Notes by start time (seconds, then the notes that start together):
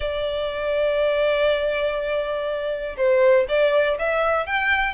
0.00 D5
2.97 C5
3.48 D5
3.98 E5
4.46 G5